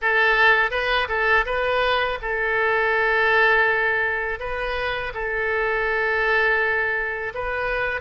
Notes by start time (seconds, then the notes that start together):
0.01 A4
0.71 B4
1.08 A4
1.45 B4
2.21 A4
4.39 B4
5.14 A4
7.34 B4